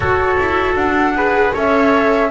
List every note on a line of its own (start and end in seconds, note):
0.00 0.36 F#4
0.00 1.14 F#4
0.00 1.15 A4
0.00 0.75 C#5
0.39 0.74 E4
0.74 1.51 D4
0.74 1.53 F#5
1.14 1.53 G#4
1.14 1.53 B4
1.53 2.30 C#4
1.53 2.30 A4
1.53 2.30 C#5
1.53 2.30 E5